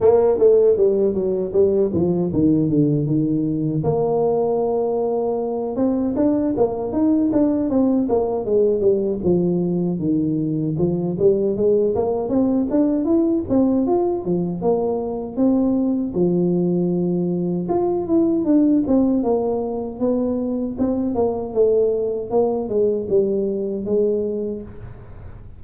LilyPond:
\new Staff \with { instrumentName = "tuba" } { \time 4/4 \tempo 4 = 78 ais8 a8 g8 fis8 g8 f8 dis8 d8 | dis4 ais2~ ais8 c'8 | d'8 ais8 dis'8 d'8 c'8 ais8 gis8 g8 | f4 dis4 f8 g8 gis8 ais8 |
c'8 d'8 e'8 c'8 f'8 f8 ais4 | c'4 f2 f'8 e'8 | d'8 c'8 ais4 b4 c'8 ais8 | a4 ais8 gis8 g4 gis4 | }